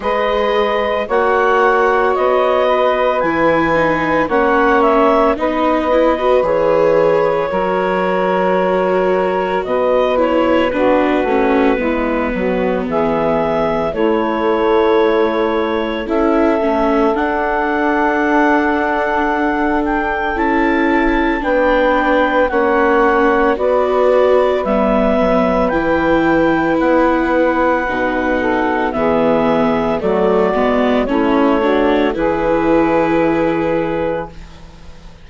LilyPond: <<
  \new Staff \with { instrumentName = "clarinet" } { \time 4/4 \tempo 4 = 56 dis''4 fis''4 dis''4 gis''4 | fis''8 e''8 dis''4 cis''2~ | cis''4 dis''8 cis''8 b'2 | e''4 cis''2 e''4 |
fis''2~ fis''8 g''8 a''4 | g''4 fis''4 d''4 e''4 | g''4 fis''2 e''4 | d''4 cis''4 b'2 | }
  \new Staff \with { instrumentName = "saxophone" } { \time 4/4 b'4 cis''4. b'4. | cis''4 b'2 ais'4~ | ais'4 b'4 fis'4 e'8 fis'8 | gis'4 e'2 a'4~ |
a'1 | b'4 cis''4 b'2~ | b'2~ b'8 a'8 gis'4 | fis'4 e'8 fis'8 gis'2 | }
  \new Staff \with { instrumentName = "viola" } { \time 4/4 gis'4 fis'2 e'8 dis'8 | cis'4 dis'8 e'16 fis'16 gis'4 fis'4~ | fis'4. e'8 d'8 cis'8 b4~ | b4 a2 e'8 cis'8 |
d'2. e'4 | d'4 cis'4 fis'4 b4 | e'2 dis'4 b4 | a8 b8 cis'8 d'8 e'2 | }
  \new Staff \with { instrumentName = "bassoon" } { \time 4/4 gis4 ais4 b4 e4 | ais4 b4 e4 fis4~ | fis4 b,4 b8 a8 gis8 fis8 | e4 a2 cis'8 a8 |
d'2. cis'4 | b4 ais4 b4 g8 fis8 | e4 b4 b,4 e4 | fis8 gis8 a4 e2 | }
>>